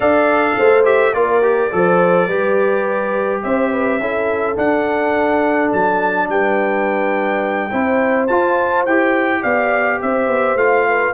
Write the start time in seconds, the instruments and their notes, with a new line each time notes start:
0.00 tuba D4, trombone A4, horn D5, trumpet F5
0.57 tuba A3, horn C5
0.84 trombone G4, trumpet E5
1.13 tuba A#3, trombone F4, horn A#4, trumpet D5
1.42 trombone G4
1.71 tuba F3, trombone A4, horn C5
2.27 tuba G3, trombone G4, horn B4
3.42 tuba C4, horn C5, trumpet E5
3.72 horn B4
3.99 tuba C#4, trombone E4, horn A4
4.55 trombone D4, tuba D4, trumpet F#5
5.72 tuba F#3, trumpet A5
6.28 tuba G3, horn B4, trumpet G5
7.70 tuba C4, trombone E4, horn C5
8.27 tuba F4, trombone F4, trumpet A5
8.85 tuba E4, trombone G4, trumpet G5
9.41 tuba B3, horn D5, trumpet F5
10.01 tuba C4, horn C5, trumpet E5
10.27 tuba B3
10.55 tuba A3, trombone F4, trumpet F5
10.88 horn B4